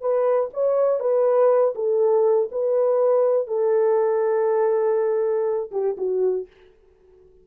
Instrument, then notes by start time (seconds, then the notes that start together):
horn
0.00 B4
0.53 C#5
0.99 B4
1.75 A4
2.51 B4
3.47 A4
5.71 G4
5.97 F#4